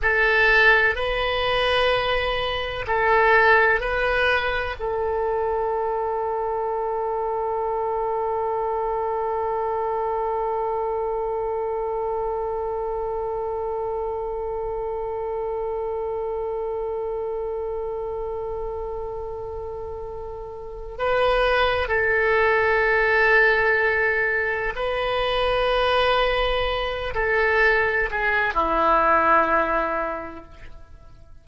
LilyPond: \new Staff \with { instrumentName = "oboe" } { \time 4/4 \tempo 4 = 63 a'4 b'2 a'4 | b'4 a'2.~ | a'1~ | a'1~ |
a'1~ | a'2 b'4 a'4~ | a'2 b'2~ | b'8 a'4 gis'8 e'2 | }